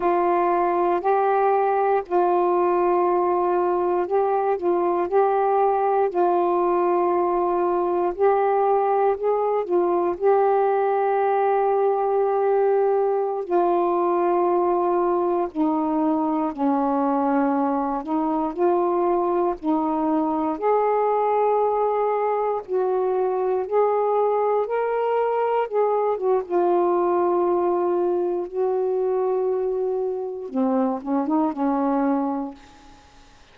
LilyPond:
\new Staff \with { instrumentName = "saxophone" } { \time 4/4 \tempo 4 = 59 f'4 g'4 f'2 | g'8 f'8 g'4 f'2 | g'4 gis'8 f'8 g'2~ | g'4~ g'16 f'2 dis'8.~ |
dis'16 cis'4. dis'8 f'4 dis'8.~ | dis'16 gis'2 fis'4 gis'8.~ | gis'16 ais'4 gis'8 fis'16 f'2 | fis'2 c'8 cis'16 dis'16 cis'4 | }